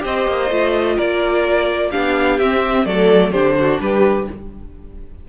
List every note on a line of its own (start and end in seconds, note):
0.00 0.27 C4
0.00 0.47 G4
0.00 0.96 C5
0.06 0.98 D#5
0.27 0.50 A#3
0.50 0.98 A3
0.50 1.92 F4
0.96 1.94 A#3
0.96 1.90 A#4
0.96 1.92 D5
1.91 2.40 B3
1.91 2.39 D4
1.91 2.86 G4
1.91 2.39 F5
2.39 2.86 C4
2.39 2.86 E5
2.86 3.32 F#3
2.86 3.33 A3
2.86 3.32 A4
2.86 3.32 D5
3.32 3.79 D3
3.32 4.28 D4
3.32 3.56 G4
3.32 3.79 C5
3.60 3.82 F#4
3.80 4.27 G3
3.80 4.29 G4
3.80 4.28 B4